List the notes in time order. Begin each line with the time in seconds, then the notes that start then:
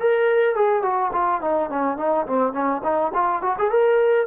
0.00 A#4
0.55 G#4
0.83 F#4
1.13 F4
1.41 D#4
1.70 C#4
1.97 D#4
2.26 C4
2.53 C#4
2.84 D#4
3.14 F4
3.42 F#4
3.58 G#4
3.71 A#4